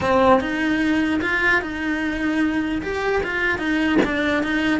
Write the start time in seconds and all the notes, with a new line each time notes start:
0.01 C4
0.40 D#4
1.21 F4
1.61 D#4
2.81 G4
3.23 F4
3.58 D#4
4.04 D4
4.43 D#4